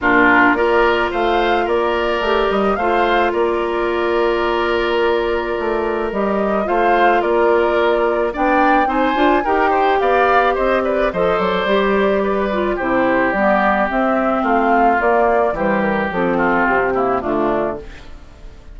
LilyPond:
<<
  \new Staff \with { instrumentName = "flute" } { \time 4/4 \tempo 4 = 108 ais'4 d''4 f''4 d''4~ | d''8 dis''8 f''4 d''2~ | d''2. dis''4 | f''4 d''2 g''4 |
gis''4 g''4 f''4 dis''8 d''8 | dis''8 d''2~ d''8 c''4 | d''4 e''4 f''4 d''4 | c''8 ais'8 a'4 g'4 f'4 | }
  \new Staff \with { instrumentName = "oboe" } { \time 4/4 f'4 ais'4 c''4 ais'4~ | ais'4 c''4 ais'2~ | ais'1 | c''4 ais'2 d''4 |
c''4 ais'8 c''8 d''4 c''8 b'8 | c''2 b'4 g'4~ | g'2 f'2 | g'4. f'4 e'8 d'4 | }
  \new Staff \with { instrumentName = "clarinet" } { \time 4/4 d'4 f'2. | g'4 f'2.~ | f'2. g'4 | f'2. d'4 |
dis'8 f'8 g'2. | a'4 g'4. f'8 e'4 | b4 c'2 ais4 | g4 c'4. ais8 a4 | }
  \new Staff \with { instrumentName = "bassoon" } { \time 4/4 ais,4 ais4 a4 ais4 | a8 g8 a4 ais2~ | ais2 a4 g4 | a4 ais2 b4 |
c'8 d'8 dis'4 b4 c'4 | f8 fis8 g2 c4 | g4 c'4 a4 ais4 | e4 f4 c4 d4 | }
>>